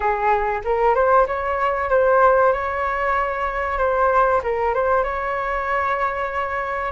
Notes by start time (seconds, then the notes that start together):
0.00 G#4
0.64 A#4
0.94 C5
1.27 C#5
1.89 C5
2.52 C#5
3.78 C5
4.43 A#4
4.74 C5
5.03 C#5